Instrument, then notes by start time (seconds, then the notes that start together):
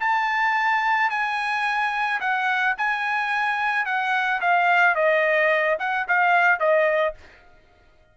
trumpet
0.00 A5
1.10 G#5
2.20 F#5
2.77 G#5
3.86 F#5
4.41 F5
4.95 D#5
5.79 F#5
6.08 F5
6.60 D#5